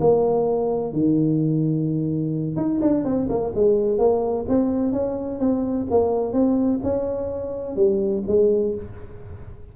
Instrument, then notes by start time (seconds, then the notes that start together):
tuba
0.00 A#3
0.93 D#3
2.56 D#4
2.81 D4
3.04 C4
3.29 A#3
3.54 G#3
3.98 A#3
4.48 C4
4.92 C#4
5.39 C4
5.90 A#3
6.33 C4
6.83 C#4
7.76 G3
8.27 G#3